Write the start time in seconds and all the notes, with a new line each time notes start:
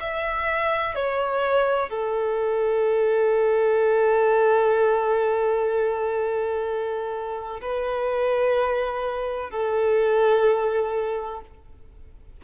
0.00 E5
0.95 C#5
1.90 A4
7.61 B4
9.50 A4